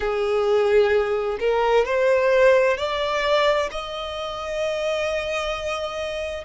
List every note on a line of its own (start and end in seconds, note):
0.00 1.38 G#4
1.39 1.85 A#4
1.85 2.77 C5
2.77 3.69 D5
3.71 6.44 D#5